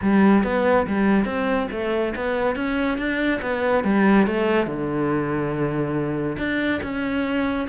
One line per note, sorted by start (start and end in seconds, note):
0.02 0.43 G3
0.43 0.86 B3
0.86 1.25 G3
1.25 1.67 C4
1.71 2.14 A3
2.15 2.55 B3
2.55 2.98 C#4
2.98 3.40 D4
3.41 3.84 B3
3.84 4.26 G3
4.26 4.67 A3
4.67 6.37 D3
6.38 6.80 D4
6.82 7.68 C#4